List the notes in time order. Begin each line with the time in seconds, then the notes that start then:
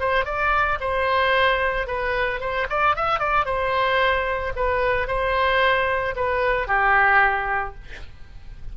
0.00 C5
0.25 D5
0.80 C5
1.87 B4
2.40 C5
2.69 D5
2.96 E5
3.20 D5
3.46 C5
4.56 B4
5.07 C5
6.16 B4
6.67 G4